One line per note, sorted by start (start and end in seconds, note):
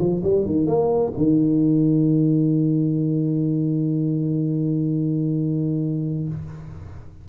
0.00 0.23 F3
0.23 0.46 G3
0.46 0.67 D#3
0.67 1.14 A#3
1.17 6.29 D#3